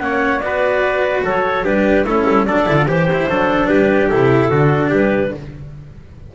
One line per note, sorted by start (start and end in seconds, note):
0.00 0.41 A#3
0.00 0.41 C#4
0.00 0.44 C#5
0.00 0.40 F#5
0.40 1.22 B3
0.40 1.65 F#4
0.40 1.25 B4
0.40 1.22 D5
1.24 1.65 F#3
1.24 1.64 A4
1.24 1.66 C#5
1.64 2.04 G3
1.64 2.05 D4
1.64 2.05 G4
1.64 2.05 B4
2.04 2.25 A3
2.04 2.49 C#4
2.04 2.46 E4
2.04 2.46 A4
2.28 2.47 G3
2.46 2.68 F#3
2.46 2.66 D4
2.46 2.88 A4
2.46 2.87 D5
2.66 2.86 D3
2.66 2.76 E4
2.76 2.87 F4
2.86 3.27 E3
2.86 3.29 G4
2.86 3.09 G4
2.86 3.67 C5
3.13 3.31 E4
3.29 3.70 F#3
3.29 4.11 D4
3.29 3.70 A4
3.67 4.10 G3
3.67 4.49 G4
3.67 4.08 B4
4.09 4.50 C3
4.09 4.52 E4
4.09 4.91 A4
4.49 4.91 D3
4.49 5.35 D4
4.49 4.90 F#4
4.90 5.32 G3
4.90 5.31 G4
4.90 5.35 B4